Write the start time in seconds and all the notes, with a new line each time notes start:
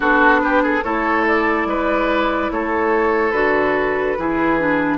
0.00 B3 D4 F#4 A4
0.41 G4 B4
0.62 G#4 A4
0.83 A3 E4 A4 C#5
1.27 D5
1.66 G#3 B4
2.51 A3 A4 C#5
3.31 D3 F#4 B4
4.17 E3 E4 G#4
4.59 D4